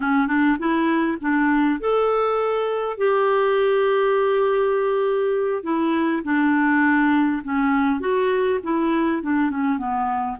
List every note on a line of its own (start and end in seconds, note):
0.00 0.27 C#4
0.27 0.57 D4
0.58 1.18 E4
1.20 1.80 D4
1.80 2.97 A4
2.97 5.63 G4
5.63 6.22 E4
6.23 7.42 D4
7.43 8.00 C#4
8.00 8.59 F#4
8.63 9.22 E4
9.22 9.50 D4
9.50 9.77 C#4
9.77 10.37 B3